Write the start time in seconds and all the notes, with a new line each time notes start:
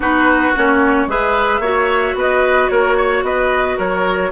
0.00 B3 D#4 F#4 B4
0.56 A#3 C#4 C#5
1.06 G#3 G#4 B4 E5
1.59 A#3 F#4 C#5
2.14 B3 B4 D#5
2.68 A#3 A#4 C#5
2.97 C#5
3.22 B3 B4 D#5
3.77 F#3 A#4 C#5